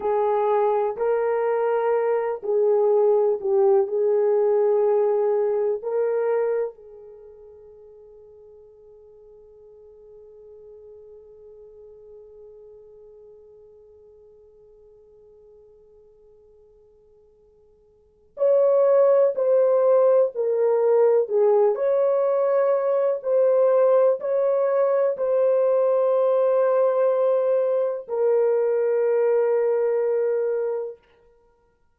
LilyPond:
\new Staff \with { instrumentName = "horn" } { \time 4/4 \tempo 4 = 62 gis'4 ais'4. gis'4 g'8 | gis'2 ais'4 gis'4~ | gis'1~ | gis'1~ |
gis'2. cis''4 | c''4 ais'4 gis'8 cis''4. | c''4 cis''4 c''2~ | c''4 ais'2. | }